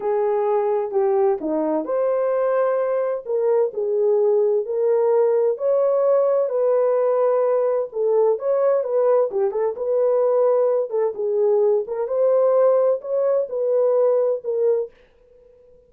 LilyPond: \new Staff \with { instrumentName = "horn" } { \time 4/4 \tempo 4 = 129 gis'2 g'4 dis'4 | c''2. ais'4 | gis'2 ais'2 | cis''2 b'2~ |
b'4 a'4 cis''4 b'4 | g'8 a'8 b'2~ b'8 a'8 | gis'4. ais'8 c''2 | cis''4 b'2 ais'4 | }